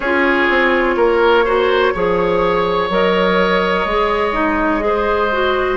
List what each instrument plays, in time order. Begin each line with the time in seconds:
0.00 bassoon C#4, clarinet F4, oboe G#4, flute C#5
0.49 bassoon C4
0.96 bassoon A#3, oboe A#4
1.44 clarinet F#4, oboe C5
1.94 bassoon F3, clarinet G#4, oboe C#5
2.89 bassoon F#3, clarinet A#4, flute D#5
3.85 bassoon G#3, clarinet G#4
4.32 clarinet D#4
4.80 clarinet G#4, oboe C5
5.32 clarinet F#4